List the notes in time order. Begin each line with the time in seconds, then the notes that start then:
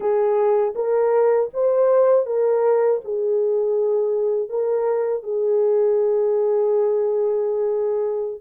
0.00 G#4
0.75 A#4
1.53 C5
2.25 A#4
3.04 G#4
4.49 A#4
5.23 G#4